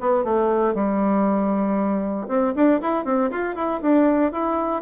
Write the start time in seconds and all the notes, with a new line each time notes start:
0.00 B3
0.24 A3
0.74 G3
2.28 C4
2.55 D4
2.81 E4
3.04 C4
3.30 F4
3.55 E4
3.81 D4
4.32 E4